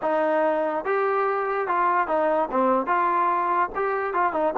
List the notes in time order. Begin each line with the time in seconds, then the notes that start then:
0.02 D#4
0.84 G4
1.67 F4
2.07 D#4
2.51 C4
2.86 F4
3.75 G4
4.13 F4
4.32 D#4